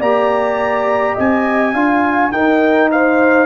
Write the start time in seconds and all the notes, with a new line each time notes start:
0.00 A#3 G4 D5 A#5
1.15 C4 D#5 G#5
1.74 D4 F4 F5
2.32 D#4 A#4 G5
2.92 C5 F5